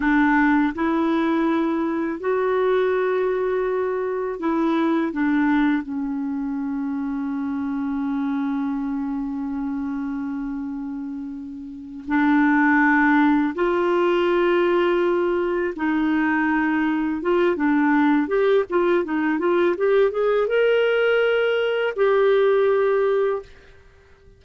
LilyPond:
\new Staff \with { instrumentName = "clarinet" } { \time 4/4 \tempo 4 = 82 d'4 e'2 fis'4~ | fis'2 e'4 d'4 | cis'1~ | cis'1~ |
cis'8 d'2 f'4.~ | f'4. dis'2 f'8 | d'4 g'8 f'8 dis'8 f'8 g'8 gis'8 | ais'2 g'2 | }